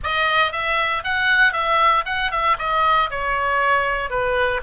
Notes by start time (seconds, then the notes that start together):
0.03 D#5
0.52 E5
1.04 F#5
1.52 E5
2.05 F#5
2.31 E5
2.59 D#5
3.10 C#5
4.09 B4